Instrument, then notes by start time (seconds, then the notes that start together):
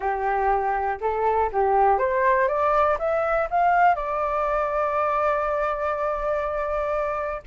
flute
0.00 G4
1.01 A4
1.52 G4
1.98 C5
2.48 D5
2.98 E5
3.50 F5
3.95 D5